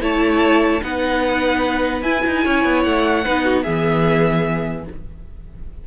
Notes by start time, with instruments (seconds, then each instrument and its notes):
0.00 cello A3, viola E4, violin C#5 A5
0.81 cello B3, viola D#4, violin B4 F#5
2.02 cello E4, viola E4, violin G#5
2.26 cello D#4
2.44 cello C#4, violin C#5
2.64 cello B3
2.82 cello A3, violin F#5
3.24 cello B3, viola D#4, violin B4
3.44 violin F#4
3.62 cello E3, viola B3, violin G#4 E5